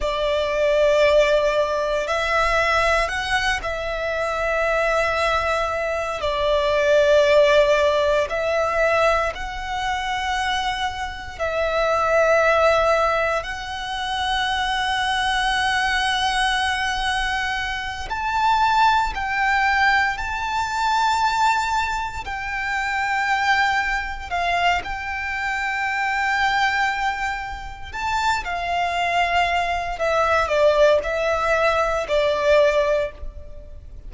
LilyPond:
\new Staff \with { instrumentName = "violin" } { \time 4/4 \tempo 4 = 58 d''2 e''4 fis''8 e''8~ | e''2 d''2 | e''4 fis''2 e''4~ | e''4 fis''2.~ |
fis''4. a''4 g''4 a''8~ | a''4. g''2 f''8 | g''2. a''8 f''8~ | f''4 e''8 d''8 e''4 d''4 | }